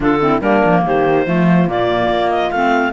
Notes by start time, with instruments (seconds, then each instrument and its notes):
0.00 cello D3, clarinet D4 A4, horn F4
0.20 clarinet C4, horn E4
0.40 cello G3, clarinet A#3 A#4, horn D4
0.64 cello F3
0.85 cello D#3, horn G4, clarinet C5
1.26 cello F3, clarinet A3, horn F4
1.67 cello A#2, clarinet A#3 D5
2.08 cello A#3
2.30 clarinet D#5
2.50 cello A3, clarinet C4 F5